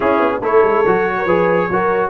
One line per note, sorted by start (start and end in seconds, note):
0.00 0.42 C#4
0.00 0.19 C#4
0.00 0.40 E4
0.00 0.42 G#4
0.19 0.40 B3
0.41 0.62 A3
0.41 0.85 E4
0.41 1.15 A4
0.41 2.09 C#5
0.63 0.84 G#3
0.86 1.25 F#3
0.86 1.27 F#4
1.18 1.26 A#4
1.25 1.68 F3
1.25 1.70 G#4
1.25 1.68 B4
1.70 2.09 F#3
1.70 2.09 F#4
1.70 2.09 A#4